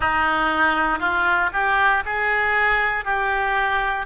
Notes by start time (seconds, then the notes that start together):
0.00 D#4
0.99 F4
1.53 G4
2.05 G#4
3.05 G4